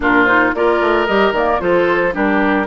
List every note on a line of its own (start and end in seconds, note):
0.00 0.53 A#2
0.00 0.27 D4
0.00 0.55 F4
0.00 0.24 A#4
0.24 0.54 D#4
0.24 0.51 C5
0.54 0.81 A#3
0.54 1.07 F4
0.54 1.61 A#4
0.54 1.06 D5
0.81 1.07 A3
1.06 1.31 G3
1.06 1.34 G4
1.06 1.33 D#5
1.31 1.58 D#3
1.31 1.60 A#3
1.31 1.60 D5
1.60 2.14 F3
1.60 2.12 F4
1.60 2.14 A4
1.60 2.14 C5
2.12 2.67 G3
2.12 2.65 D4
2.12 2.67 G4
2.12 2.67 A#4